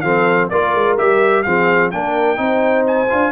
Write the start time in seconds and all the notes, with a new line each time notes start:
0.00 F3 C4 A4 F5
0.49 A#3 F4 A#4 D5
0.74 G#3
0.98 G3 G4 E5
1.42 F3 C4 G#4 F5
1.91 A#3 D4 A#4 G5
2.36 C4 D#4 C5
2.87 G#5
3.09 D4 F4